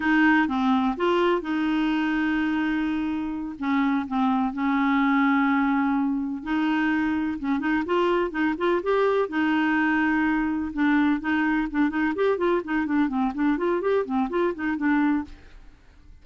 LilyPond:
\new Staff \with { instrumentName = "clarinet" } { \time 4/4 \tempo 4 = 126 dis'4 c'4 f'4 dis'4~ | dis'2.~ dis'8 cis'8~ | cis'8 c'4 cis'2~ cis'8~ | cis'4. dis'2 cis'8 |
dis'8 f'4 dis'8 f'8 g'4 dis'8~ | dis'2~ dis'8 d'4 dis'8~ | dis'8 d'8 dis'8 g'8 f'8 dis'8 d'8 c'8 | d'8 f'8 g'8 c'8 f'8 dis'8 d'4 | }